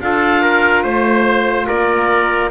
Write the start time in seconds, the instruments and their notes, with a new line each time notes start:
0.00 double bass D4, saxophone F4, trumpet A4, oboe F5
0.43 trumpet A#4
0.84 double bass A3, trumpet C5, oboe C5
1.67 double bass A#3, trumpet A#4, oboe D5